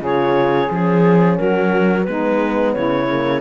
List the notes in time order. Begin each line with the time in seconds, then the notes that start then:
0.00 C#3 F4 G#4 C#5
0.68 F3 C#4 G#4
1.38 F#3 F#4 A#4
2.05 G#3 B3 D#4 B4
2.74 C#3 E4 C#5
3.10 A#3